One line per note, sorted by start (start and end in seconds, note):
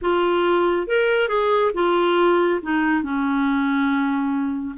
0.01 0.87 F4
0.87 1.28 A#4
1.28 1.71 G#4
1.74 2.60 F4
2.62 3.02 D#4
3.02 4.75 C#4